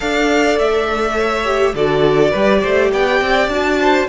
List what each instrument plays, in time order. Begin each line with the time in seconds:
0.00 cello D4, viola A4, violin D5 F5
0.58 cello A3, violin E5
1.15 violin C#5
1.45 viola G4
1.74 cello D3, viola F#4, violin A4 D5
2.31 cello G3, viola G4, violin B4
2.60 cello A3, violin C5
2.92 cello B3, violin D5 G5
3.21 cello C4
3.47 cello D4, viola F#4, violin A5
3.80 violin C5